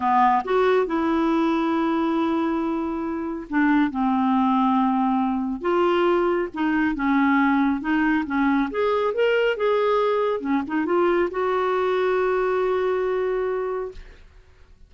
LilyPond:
\new Staff \with { instrumentName = "clarinet" } { \time 4/4 \tempo 4 = 138 b4 fis'4 e'2~ | e'1 | d'4 c'2.~ | c'4 f'2 dis'4 |
cis'2 dis'4 cis'4 | gis'4 ais'4 gis'2 | cis'8 dis'8 f'4 fis'2~ | fis'1 | }